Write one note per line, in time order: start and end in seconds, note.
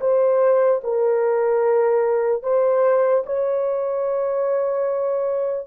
0.00 0.81 C5
0.83 2.43 A#4
2.43 3.24 C5
3.26 5.67 C#5